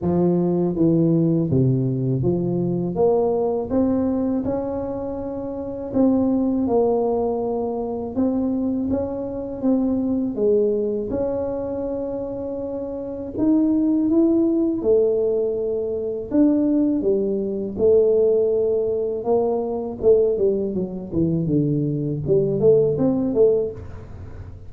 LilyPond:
\new Staff \with { instrumentName = "tuba" } { \time 4/4 \tempo 4 = 81 f4 e4 c4 f4 | ais4 c'4 cis'2 | c'4 ais2 c'4 | cis'4 c'4 gis4 cis'4~ |
cis'2 dis'4 e'4 | a2 d'4 g4 | a2 ais4 a8 g8 | fis8 e8 d4 g8 a8 c'8 a8 | }